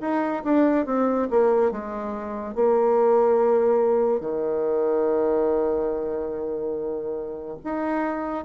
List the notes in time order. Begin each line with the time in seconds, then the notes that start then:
0.00 D#4
0.44 D4
0.86 C4
1.30 A#3
1.71 G#3
2.55 A#3
4.20 D#3
7.64 D#4